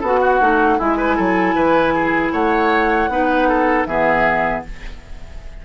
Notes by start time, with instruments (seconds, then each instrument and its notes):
0.00 bassoon B3, clarinet F#4, oboe A4, flute F#5
0.21 oboe F#4
0.40 bassoon A3, clarinet D#4
0.78 bassoon G#3, oboe E4, clarinet E4, flute G#5
0.97 oboe B4
1.16 bassoon F#3, oboe A4
1.54 bassoon E3, oboe B4
1.94 oboe G#4
2.32 bassoon A3, oboe C#5, flute F#5
3.08 bassoon B3, clarinet D#4, oboe B4
3.48 oboe A4
3.85 bassoon E3, clarinet B3, oboe G#4, flute E5